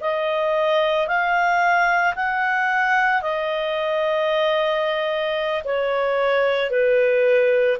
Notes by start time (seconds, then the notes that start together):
0.00 D#5
1.07 F5
2.15 F#5
3.21 D#5
5.63 C#5
6.70 B4